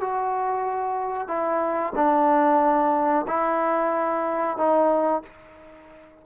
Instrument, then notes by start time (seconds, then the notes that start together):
trombone
0.00 F#4
1.28 E4
1.95 D4
3.27 E4
4.57 D#4